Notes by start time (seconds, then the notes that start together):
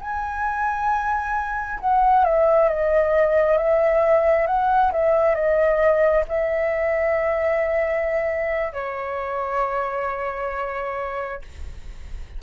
0.00 G#5
1.80 F#5
2.24 E5
2.69 D#5
3.57 E5
4.47 F#5
4.92 E5
5.35 D#5
6.28 E5
8.73 C#5